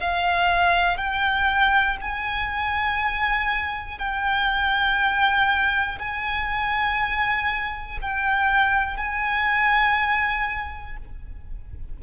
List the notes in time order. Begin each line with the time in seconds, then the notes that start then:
0.00 F5
0.97 G5
2.01 G#5
3.98 G5
5.98 G#5
8.01 G5
8.96 G#5